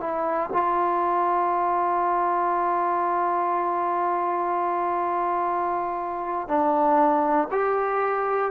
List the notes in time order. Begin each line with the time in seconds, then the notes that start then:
0.00 E4
0.53 F4
6.48 D4
7.51 G4